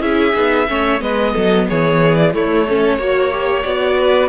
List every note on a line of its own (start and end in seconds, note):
0.00 0.33 C#4
0.00 0.33 E4
0.00 0.69 G#4
0.00 1.01 E5
0.34 0.69 B3
0.34 0.67 D#4
0.68 1.01 A3
0.68 1.00 C#4
0.68 1.02 C#5
1.00 1.34 G#3
1.00 2.32 B3
1.00 1.33 B4
1.00 1.67 D#5
1.33 1.69 F#3
1.33 1.66 A4
1.69 2.34 E3
1.69 2.35 G#4
1.69 2.15 C#5
2.15 2.32 D5
2.34 2.67 A3
2.34 2.98 A3
2.34 2.68 E4
2.34 3.63 C#5
2.69 2.99 C#4
2.69 2.98 A4
2.98 3.64 A#3
2.98 3.31 F#4
2.98 3.97 C#5
3.31 3.64 G4
3.63 4.29 B3
3.63 4.29 F#4
3.63 4.29 D5
3.98 4.29 B4